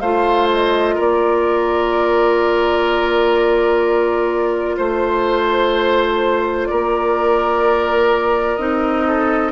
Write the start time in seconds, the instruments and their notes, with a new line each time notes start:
0.00 bassoon A3, clarinet F4, oboe C5, flute F5
0.54 flute D#5
0.95 bassoon A#3, oboe A#4, flute D5
4.78 bassoon A3, oboe C5, flute C5
6.66 bassoon A#3, oboe A#4, flute D5
8.56 bassoon C4, clarinet D#4, flute D#5
9.08 oboe A4